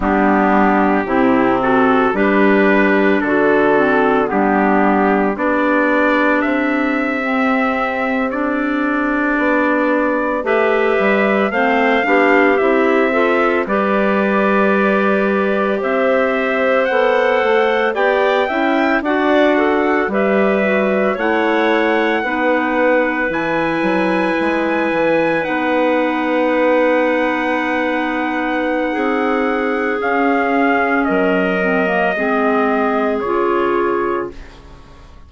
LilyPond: <<
  \new Staff \with { instrumentName = "trumpet" } { \time 4/4 \tempo 4 = 56 g'4. a'8 b'4 a'4 | g'4 d''4 e''4.~ e''16 d''16~ | d''4.~ d''16 e''4 f''4 e''16~ | e''8. d''2 e''4 fis''16~ |
fis''8. g''4 fis''4 e''4 fis''16~ | fis''4.~ fis''16 gis''2 fis''16~ | fis''1 | f''4 dis''2 cis''4 | }
  \new Staff \with { instrumentName = "clarinet" } { \time 4/4 d'4 e'8 fis'8 g'4 fis'4 | d'4 g'2.~ | g'4.~ g'16 b'4 c''8 g'8.~ | g'16 a'8 b'2 c''4~ c''16~ |
c''8. d''8 e''8 d''8 a'8 b'4 cis''16~ | cis''8. b'2.~ b'16~ | b'2. gis'4~ | gis'4 ais'4 gis'2 | }
  \new Staff \with { instrumentName = "clarinet" } { \time 4/4 b4 c'4 d'4. c'8 | b4 d'4.~ d'16 c'4 d'16~ | d'4.~ d'16 g'4 c'8 d'8 e'16~ | e'16 f'8 g'2. a'16~ |
a'8. g'8 e'8 fis'4 g'8 fis'8 e'16~ | e'8. dis'4 e'2 dis'16~ | dis'1 | cis'4. c'16 ais16 c'4 f'4 | }
  \new Staff \with { instrumentName = "bassoon" } { \time 4/4 g4 c4 g4 d4 | g4 b4 c'2~ | c'8. b4 a8 g8 a8 b8 c'16~ | c'8. g2 c'4 b16~ |
b16 a8 b8 cis'8 d'4 g4 a16~ | a8. b4 e8 fis8 gis8 e8 b16~ | b2. c'4 | cis'4 fis4 gis4 cis4 | }
>>